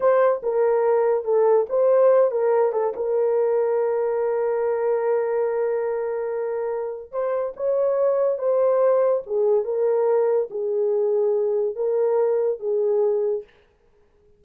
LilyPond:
\new Staff \with { instrumentName = "horn" } { \time 4/4 \tempo 4 = 143 c''4 ais'2 a'4 | c''4. ais'4 a'8 ais'4~ | ais'1~ | ais'1~ |
ais'4 c''4 cis''2 | c''2 gis'4 ais'4~ | ais'4 gis'2. | ais'2 gis'2 | }